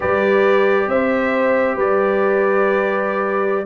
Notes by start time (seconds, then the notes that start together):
0.00 G3 G4 B4 D5
0.87 C4 C5 E5
1.75 G3 B4 D5